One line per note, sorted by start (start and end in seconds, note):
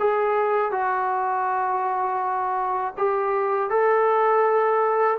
0.00 0.72 G#4
0.72 2.94 F#4
2.98 3.70 G4
3.70 5.18 A4